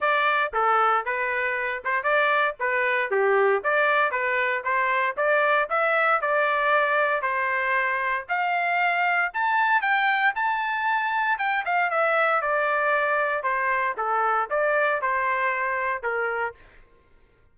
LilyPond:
\new Staff \with { instrumentName = "trumpet" } { \time 4/4 \tempo 4 = 116 d''4 a'4 b'4. c''8 | d''4 b'4 g'4 d''4 | b'4 c''4 d''4 e''4 | d''2 c''2 |
f''2 a''4 g''4 | a''2 g''8 f''8 e''4 | d''2 c''4 a'4 | d''4 c''2 ais'4 | }